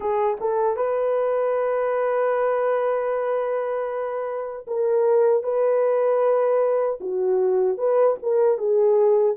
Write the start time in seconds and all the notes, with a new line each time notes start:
0.00 G#4
0.40 A4
0.76 B4
4.67 A#4
5.43 B4
7.00 F#4
7.77 B4
8.22 A#4
8.57 G#4